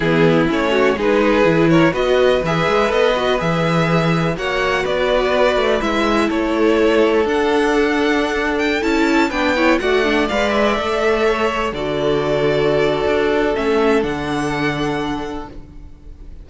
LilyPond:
<<
  \new Staff \with { instrumentName = "violin" } { \time 4/4 \tempo 4 = 124 gis'4 cis''4 b'4. cis''8 | dis''4 e''4 dis''4 e''4~ | e''4 fis''4 d''2 | e''4 cis''2 fis''4~ |
fis''4.~ fis''16 g''8 a''4 g''8.~ | g''16 fis''4 f''8 e''2~ e''16~ | e''16 d''2.~ d''8. | e''4 fis''2. | }
  \new Staff \with { instrumentName = "violin" } { \time 4/4 e'4. fis'8 gis'4. ais'8 | b'1~ | b'4 cis''4 b'2~ | b'4 a'2.~ |
a'2.~ a'16 b'8 cis''16~ | cis''16 d''2. cis''8.~ | cis''16 a'2.~ a'8.~ | a'1 | }
  \new Staff \with { instrumentName = "viola" } { \time 4/4 b4 cis'4 dis'4 e'4 | fis'4 gis'4 a'8 fis'8 gis'4~ | gis'4 fis'2. | e'2. d'4~ |
d'2~ d'16 e'4 d'8 e'16~ | e'16 fis'8 d'8 b'4 a'4.~ a'16~ | a'16 fis'2.~ fis'8. | cis'4 d'2. | }
  \new Staff \with { instrumentName = "cello" } { \time 4/4 e4 a4 gis4 e4 | b4 e8 gis8 b4 e4~ | e4 ais4 b4. a8 | gis4 a2 d'4~ |
d'2~ d'16 cis'4 b8.~ | b16 a4 gis4 a4.~ a16~ | a16 d2~ d8. d'4 | a4 d2. | }
>>